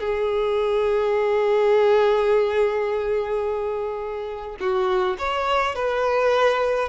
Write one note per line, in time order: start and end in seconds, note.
0.00 4.57 G#4
4.60 5.17 F#4
5.19 5.75 C#5
5.75 6.89 B4